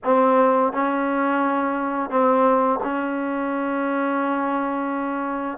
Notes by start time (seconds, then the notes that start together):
0.04 C4
0.72 C#4
2.10 C4
2.83 C#4